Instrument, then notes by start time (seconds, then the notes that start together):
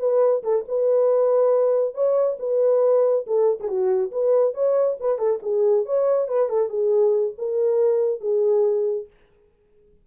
horn
0.00 B4
0.44 A4
0.68 B4
1.95 C#5
2.40 B4
3.27 A4
3.60 G#4
3.68 F#4
4.12 B4
4.54 C#5
5.00 B4
5.19 A4
5.43 G#4
5.86 C#5
6.28 B4
6.50 A4
6.70 G#4
7.38 A#4
8.21 G#4